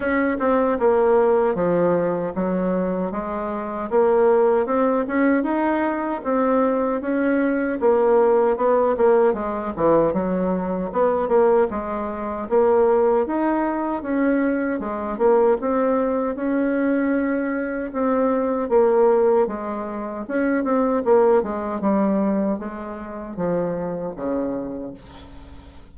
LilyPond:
\new Staff \with { instrumentName = "bassoon" } { \time 4/4 \tempo 4 = 77 cis'8 c'8 ais4 f4 fis4 | gis4 ais4 c'8 cis'8 dis'4 | c'4 cis'4 ais4 b8 ais8 | gis8 e8 fis4 b8 ais8 gis4 |
ais4 dis'4 cis'4 gis8 ais8 | c'4 cis'2 c'4 | ais4 gis4 cis'8 c'8 ais8 gis8 | g4 gis4 f4 cis4 | }